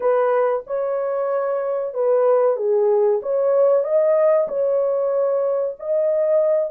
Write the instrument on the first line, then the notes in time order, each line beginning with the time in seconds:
horn
0.00 B4
0.66 C#5
1.94 B4
2.56 G#4
3.22 C#5
3.84 D#5
4.47 C#5
5.79 D#5